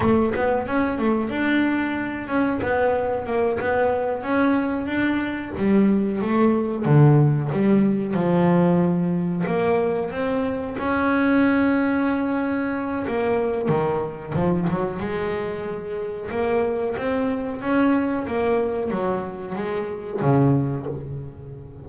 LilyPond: \new Staff \with { instrumentName = "double bass" } { \time 4/4 \tempo 4 = 92 a8 b8 cis'8 a8 d'4. cis'8 | b4 ais8 b4 cis'4 d'8~ | d'8 g4 a4 d4 g8~ | g8 f2 ais4 c'8~ |
c'8 cis'2.~ cis'8 | ais4 dis4 f8 fis8 gis4~ | gis4 ais4 c'4 cis'4 | ais4 fis4 gis4 cis4 | }